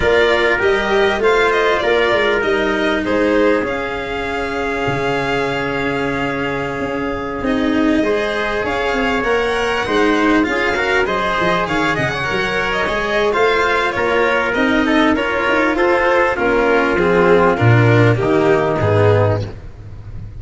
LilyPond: <<
  \new Staff \with { instrumentName = "violin" } { \time 4/4 \tempo 4 = 99 d''4 dis''4 f''8 dis''8 d''4 | dis''4 c''4 f''2~ | f''1~ | f''16 dis''2 f''4 fis''8.~ |
fis''4~ fis''16 f''4 dis''4 f''8 fis''16~ | fis''4 dis''4 f''4 cis''4 | dis''4 cis''4 c''4 ais'4 | gis'4 ais'4 g'4 gis'4 | }
  \new Staff \with { instrumentName = "trumpet" } { \time 4/4 ais'2 c''4 ais'4~ | ais'4 gis'2.~ | gis'1~ | gis'4~ gis'16 c''4 cis''4.~ cis''16~ |
cis''16 c''4 gis'8 ais'8 c''4 cis''8 dis''16 | cis''2 c''4 ais'4~ | ais'8 a'8 ais'4 a'4 f'4~ | f'2 dis'2 | }
  \new Staff \with { instrumentName = "cello" } { \time 4/4 f'4 g'4 f'2 | dis'2 cis'2~ | cis'1~ | cis'16 dis'4 gis'2 ais'8.~ |
ais'16 dis'4 f'8 fis'8 gis'4.~ gis'16~ | gis'16 ais'4 gis'8. f'2 | dis'4 f'2 cis'4 | c'4 d'4 ais4 b4 | }
  \new Staff \with { instrumentName = "tuba" } { \time 4/4 ais4 g4 a4 ais8 gis8 | g4 gis4 cis'2 | cis2.~ cis16 cis'8.~ | cis'16 c'4 gis4 cis'8 c'8 ais8.~ |
ais16 gis4 cis'4 fis8 f8 dis8 cis16~ | cis16 fis4 gis8. a4 ais4 | c'4 cis'8 dis'8 f'4 ais4 | f4 ais,4 dis4 gis,4 | }
>>